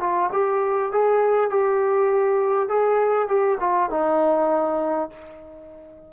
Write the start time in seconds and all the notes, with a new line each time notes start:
0.00 F4
0.32 G4
0.92 G#4
1.50 G4
2.69 G#4
3.28 G4
3.60 F4
3.90 D#4